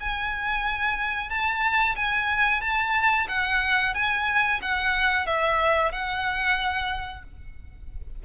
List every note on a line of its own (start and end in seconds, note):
0.00 1.29 G#5
1.29 1.95 A5
1.96 2.61 G#5
2.61 3.27 A5
3.28 3.94 F#5
3.94 4.60 G#5
4.62 5.26 F#5
5.26 5.92 E5
5.92 7.23 F#5